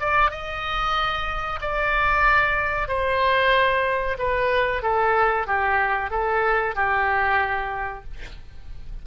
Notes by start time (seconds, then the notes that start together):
0.00 D5
0.31 D#5
1.61 D5
2.88 C5
4.18 B4
4.82 A4
5.47 G4
6.11 A4
6.75 G4